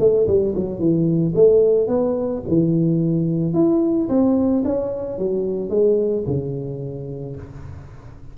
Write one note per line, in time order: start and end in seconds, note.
0.00 0.27 A3
0.28 0.55 G3
0.56 0.79 F#3
0.79 1.34 E3
1.35 1.88 A3
1.88 2.42 B3
2.48 3.54 E3
3.54 4.09 E4
4.09 4.64 C4
4.65 5.19 C#4
5.19 5.70 F#3
5.70 6.24 G#3
6.27 7.36 C#3